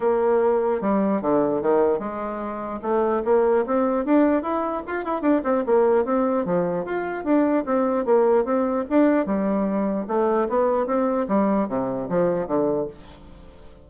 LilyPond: \new Staff \with { instrumentName = "bassoon" } { \time 4/4 \tempo 4 = 149 ais2 g4 d4 | dis4 gis2 a4 | ais4 c'4 d'4 e'4 | f'8 e'8 d'8 c'8 ais4 c'4 |
f4 f'4 d'4 c'4 | ais4 c'4 d'4 g4~ | g4 a4 b4 c'4 | g4 c4 f4 d4 | }